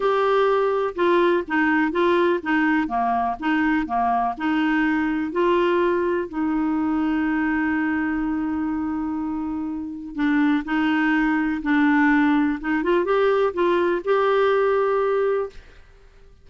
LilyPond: \new Staff \with { instrumentName = "clarinet" } { \time 4/4 \tempo 4 = 124 g'2 f'4 dis'4 | f'4 dis'4 ais4 dis'4 | ais4 dis'2 f'4~ | f'4 dis'2.~ |
dis'1~ | dis'4 d'4 dis'2 | d'2 dis'8 f'8 g'4 | f'4 g'2. | }